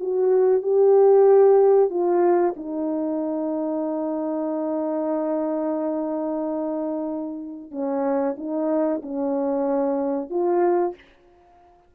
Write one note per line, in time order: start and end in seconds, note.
0.00 0.62 F#4
0.62 1.90 G4
1.90 2.55 F4
2.56 7.71 D#4
7.71 8.36 C#4
8.37 9.02 D#4
9.03 10.30 C#4
10.30 10.95 F4